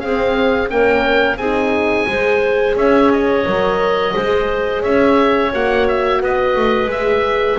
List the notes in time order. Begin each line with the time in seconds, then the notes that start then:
0.00 C4 G#4 F5
0.68 A#3 C#4 A#4 G5
1.37 C4 D#4 G#4 G#5
2.07 G#3 G#4 C5
2.76 C#4 C#5 E5
3.12 D#5
3.45 F#3 A#4
4.14 G#3 G#4 C5
4.82 C#4 C#5 E5
5.52 A#3 F#4 F#5
5.87 E5
6.21 B3 B4 D#5
6.56 A3
6.87 G#3 G#4 E5